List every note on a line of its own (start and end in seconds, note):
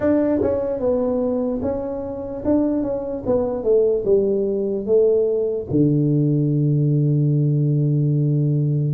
0.00 0.41 D4
0.42 0.79 C#4
0.79 1.60 B3
1.62 2.43 C#4
2.44 2.82 D4
2.82 3.23 C#4
3.26 3.63 B3
3.63 4.04 A3
4.05 4.85 G3
4.85 5.66 A3
5.70 8.93 D3